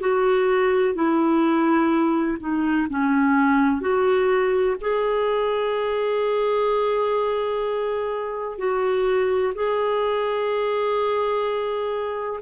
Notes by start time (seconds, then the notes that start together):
0.00 F#4
0.94 E4
2.39 D#4
2.89 C#4
3.81 F#4
4.81 G#4
8.58 F#4
9.55 G#4